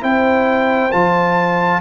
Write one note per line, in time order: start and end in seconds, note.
0.00 0.92 C4
0.00 0.90 E4
0.00 1.81 C5
0.00 0.91 G5
0.91 1.81 F3
0.91 1.81 F4
0.91 1.81 A5